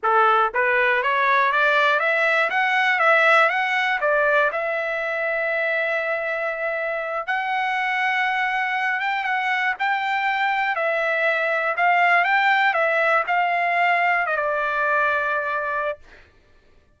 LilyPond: \new Staff \with { instrumentName = "trumpet" } { \time 4/4 \tempo 4 = 120 a'4 b'4 cis''4 d''4 | e''4 fis''4 e''4 fis''4 | d''4 e''2.~ | e''2~ e''8 fis''4.~ |
fis''2 g''8 fis''4 g''8~ | g''4. e''2 f''8~ | f''8 g''4 e''4 f''4.~ | f''8 dis''16 d''2.~ d''16 | }